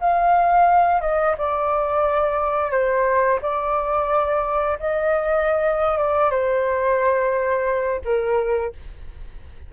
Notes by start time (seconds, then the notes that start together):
0.00 F5
1.01 D#5
1.38 D5
2.71 C5
3.42 D5
4.79 D#5
5.98 D5
6.30 C5
8.04 A#4